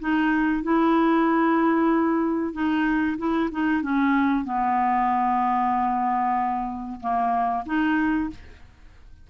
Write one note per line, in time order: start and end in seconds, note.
0.00 0.63 D#4
0.63 2.53 E4
2.53 3.17 D#4
3.18 3.50 E4
3.51 3.82 D#4
3.82 4.45 C#4
4.45 7.00 B3
7.00 7.64 A#3
7.66 8.30 D#4